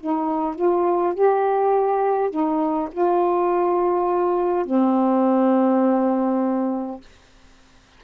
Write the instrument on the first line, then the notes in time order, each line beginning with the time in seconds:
saxophone
0.00 D#4
0.56 F4
1.14 G4
2.30 D#4
2.91 F4
4.66 C4